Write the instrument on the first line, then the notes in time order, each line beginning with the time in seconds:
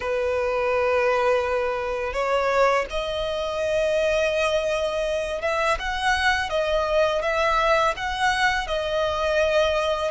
violin
0.00 B4
2.13 C#5
2.89 D#5
5.41 E5
5.79 F#5
6.49 D#5
7.22 E5
7.96 F#5
8.67 D#5